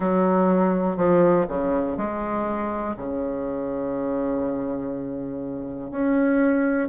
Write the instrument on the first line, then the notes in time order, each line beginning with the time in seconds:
bassoon
0.00 F#3
0.97 F3
1.48 C#3
1.97 G#3
2.96 C#3
5.90 C#4